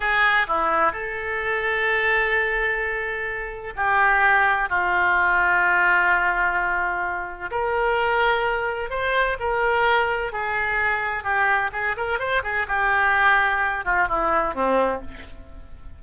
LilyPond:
\new Staff \with { instrumentName = "oboe" } { \time 4/4 \tempo 4 = 128 gis'4 e'4 a'2~ | a'1 | g'2 f'2~ | f'1 |
ais'2. c''4 | ais'2 gis'2 | g'4 gis'8 ais'8 c''8 gis'8 g'4~ | g'4. f'8 e'4 c'4 | }